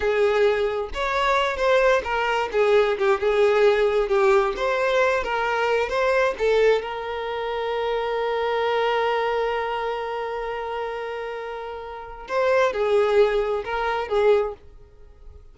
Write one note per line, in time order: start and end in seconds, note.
0.00 0.89 G#4
0.93 1.56 C#5
1.56 2.02 C5
2.04 2.49 A#4
2.52 2.97 G#4
2.98 3.20 G4
3.20 4.08 G#4
4.08 4.54 G4
4.56 5.23 C5
5.23 5.89 A#4
5.89 6.34 C5
6.38 6.82 A4
6.82 12.27 A#4
12.27 12.72 C5
12.72 13.63 G#4
13.64 14.08 A#4
14.08 14.54 G#4